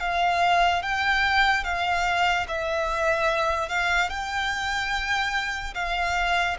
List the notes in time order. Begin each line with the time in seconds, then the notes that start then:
0.00 F5
0.82 G5
1.64 F5
2.48 E5
3.69 F5
4.09 G5
5.75 F5